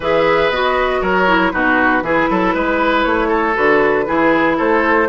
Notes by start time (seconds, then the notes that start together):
0.00 E3 G#4 B4 E5
0.49 B3 F#4 D#5
1.01 F#3 A#4 C#5
1.27 E4
1.51 B2 D#4 F#4 B4
2.02 E3 E4 G#4
2.30 F#3 A4
2.54 G#3 B4
3.03 A3 C#5
3.28 A4
3.54 D3 F#4 B4
4.06 E3 E4 G#4
4.57 A3 A4 C5